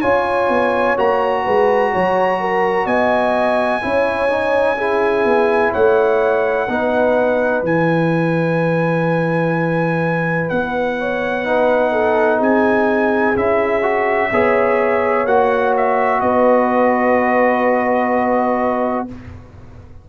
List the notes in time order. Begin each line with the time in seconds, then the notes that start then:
0.00 C#4 F4 C#5 G#5
0.49 B3
0.97 A#3 F#4 A#5
1.44 G#3 B4
1.92 F#3 C#5
2.40 A#4
2.86 B3 D#5 G#5
3.82 C#4 E4 C#5
4.29 D#4
4.77 E4 G#4
5.25 B3
5.73 A3 C#5 F#5
6.68 B3 D#4 B4
7.63 E3 E4 G#5
10.50 B3 F#5
10.99 C#5
11.44 D#4 B4
11.92 A4
12.39 C4 G#4 G#5
13.36 C#4 E4 E5
13.82 F#4
14.31 B3 G#4 C#5
15.25 A#3 F#4 F#5
15.77 E5
16.21 B3 B4 D#5